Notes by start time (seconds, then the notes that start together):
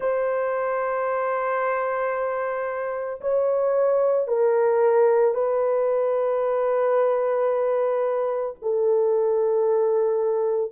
0.00 C5
3.20 C#5
4.27 A#4
5.34 B4
8.62 A4